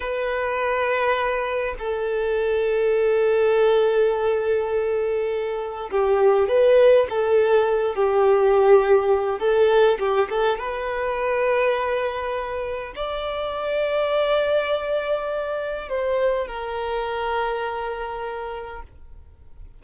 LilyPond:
\new Staff \with { instrumentName = "violin" } { \time 4/4 \tempo 4 = 102 b'2. a'4~ | a'1~ | a'2 g'4 b'4 | a'4. g'2~ g'8 |
a'4 g'8 a'8 b'2~ | b'2 d''2~ | d''2. c''4 | ais'1 | }